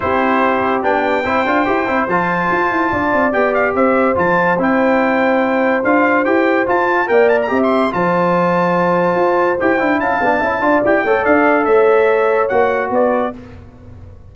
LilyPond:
<<
  \new Staff \with { instrumentName = "trumpet" } { \time 4/4 \tempo 4 = 144 c''2 g''2~ | g''4 a''2. | g''8 f''8 e''4 a''4 g''4~ | g''2 f''4 g''4 |
a''4 g''8 a''16 ais''8 c'''8. a''4~ | a''2. g''4 | a''2 g''4 f''4 | e''2 fis''4 d''4 | }
  \new Staff \with { instrumentName = "horn" } { \time 4/4 g'2. c''4~ | c''2. d''4~ | d''4 c''2.~ | c''1~ |
c''4 d''4 e''4 c''4~ | c''1 | f''4 e''8 d''4 cis''8 d''4 | cis''2. b'4 | }
  \new Staff \with { instrumentName = "trombone" } { \time 4/4 e'2 d'4 e'8 f'8 | g'8 e'8 f'2. | g'2 f'4 e'4~ | e'2 f'4 g'4 |
f'4 ais'4 g'4 f'4~ | f'2. g'8 e'8~ | e'8 d'8 e'8 f'8 g'8 a'4.~ | a'2 fis'2 | }
  \new Staff \with { instrumentName = "tuba" } { \time 4/4 c'2 b4 c'8 d'8 | e'8 c'8 f4 f'8 e'8 d'8 c'8 | b4 c'4 f4 c'4~ | c'2 d'4 e'4 |
f'4 ais4 c'4 f4~ | f2 f'4 e'8 d'8 | cis'8 b8 cis'8 d'8 e'8 a8 d'4 | a2 ais4 b4 | }
>>